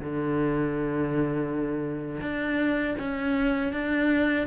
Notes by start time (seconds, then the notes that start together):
0.00 D3
2.21 D4
2.99 C#4
3.73 D4